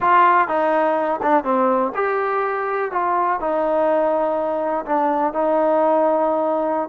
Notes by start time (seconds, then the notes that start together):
0.00 F4
0.48 D#4
1.22 D4
1.43 C4
1.94 G4
2.91 F4
3.40 D#4
4.85 D4
5.33 D#4